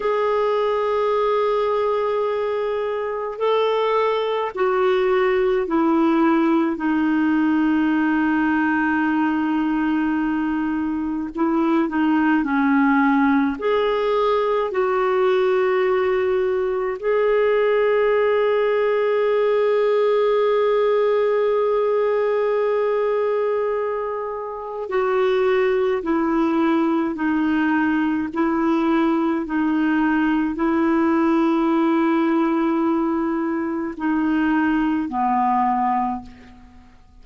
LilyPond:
\new Staff \with { instrumentName = "clarinet" } { \time 4/4 \tempo 4 = 53 gis'2. a'4 | fis'4 e'4 dis'2~ | dis'2 e'8 dis'8 cis'4 | gis'4 fis'2 gis'4~ |
gis'1~ | gis'2 fis'4 e'4 | dis'4 e'4 dis'4 e'4~ | e'2 dis'4 b4 | }